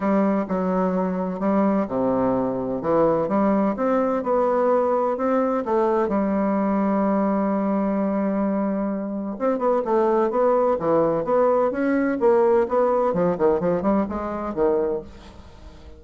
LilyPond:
\new Staff \with { instrumentName = "bassoon" } { \time 4/4 \tempo 4 = 128 g4 fis2 g4 | c2 e4 g4 | c'4 b2 c'4 | a4 g2.~ |
g1 | c'8 b8 a4 b4 e4 | b4 cis'4 ais4 b4 | f8 dis8 f8 g8 gis4 dis4 | }